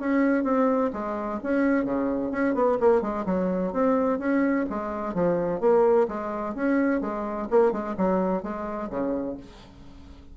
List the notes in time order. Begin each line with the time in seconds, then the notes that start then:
0.00 C#4
0.44 C4
0.93 G#3
1.43 C#4
1.85 C#3
2.31 C#4
2.55 B3
2.80 A#3
3.02 G#3
3.26 F#3
3.73 C4
4.19 C#4
4.70 G#3
5.14 F3
5.61 A#3
6.08 G#3
6.55 C#4
7.01 G#3
7.51 A#3
7.72 G#3
7.98 F#3
8.43 G#3
8.90 C#3